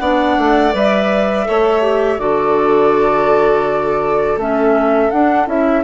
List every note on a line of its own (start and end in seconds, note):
0.00 0.37 B3
0.00 0.73 D4
0.00 1.48 D5
0.00 0.73 F#5
0.38 0.74 A3
0.73 1.47 G3
0.73 1.45 B4
0.73 2.19 E5
1.45 2.19 A3
1.45 1.82 A4
1.45 2.21 C#5
1.82 2.19 G4
2.19 4.37 D3
2.19 4.39 F#4
2.19 5.84 A4
2.19 4.39 D5
4.37 5.10 A3
4.37 5.13 C#4
4.37 5.11 E5
5.11 5.48 D4
5.11 5.47 D4
5.11 5.47 F#5
5.47 5.84 C#4
5.47 5.84 E4
5.47 5.84 E5